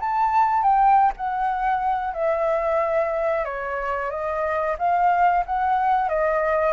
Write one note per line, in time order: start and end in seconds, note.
0.00 0.63 A5
0.63 1.12 G5
1.17 2.13 F#5
2.13 3.45 E5
3.45 4.10 C#5
4.10 4.76 D#5
4.78 5.44 F5
5.46 6.09 F#5
6.09 6.73 D#5